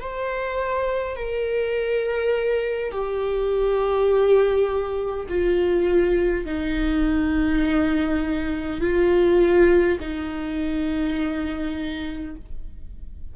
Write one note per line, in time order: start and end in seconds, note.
0.00 1.16 C5
1.16 2.91 A#4
2.91 5.27 G4
5.28 6.45 F4
6.45 8.81 D#4
8.81 9.98 F4
10.00 12.35 D#4